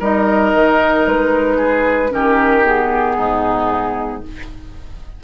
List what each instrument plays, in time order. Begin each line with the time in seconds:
0.00 bassoon G3, clarinet D#4, oboe A#4, flute D#5
0.54 bassoon D#3
1.07 bassoon G#3, flute B4
1.57 oboe G#4
2.10 bassoon D#3, clarinet C#4, oboe G4, flute A#4
2.65 clarinet B3, flute G#4
3.16 bassoon G#2, oboe D#4